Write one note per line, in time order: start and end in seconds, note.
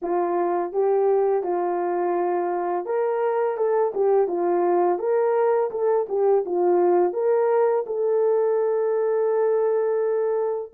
0.02 0.72 F4
0.72 1.43 G4
1.43 2.85 F4
2.85 3.57 A#4
3.57 3.93 A4
3.94 4.27 G4
4.27 4.98 F4
4.98 5.70 A#4
5.70 6.06 A4
6.08 6.44 G4
6.45 7.13 F4
7.13 7.84 A#4
7.86 10.72 A4